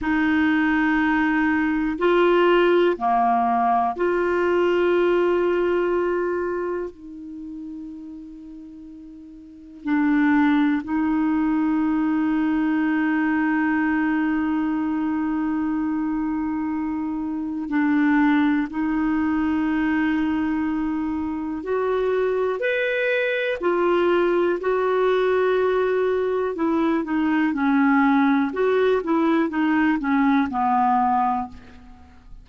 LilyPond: \new Staff \with { instrumentName = "clarinet" } { \time 4/4 \tempo 4 = 61 dis'2 f'4 ais4 | f'2. dis'4~ | dis'2 d'4 dis'4~ | dis'1~ |
dis'2 d'4 dis'4~ | dis'2 fis'4 b'4 | f'4 fis'2 e'8 dis'8 | cis'4 fis'8 e'8 dis'8 cis'8 b4 | }